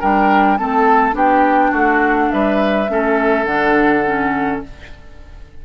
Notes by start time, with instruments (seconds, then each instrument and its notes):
0.00 bassoon G3, clarinet D4, oboe A#4, flute G5
0.57 bassoon A3, clarinet C4, oboe A4, flute A5
1.12 bassoon B3, clarinet D4, oboe G4, flute G5
1.71 bassoon A3, oboe F#4, flute F#5
2.31 bassoon G3, oboe B4, flute E5
2.88 bassoon A3, clarinet C#4, oboe A4
3.44 bassoon D3, clarinet D4, flute F#5
4.05 clarinet C#4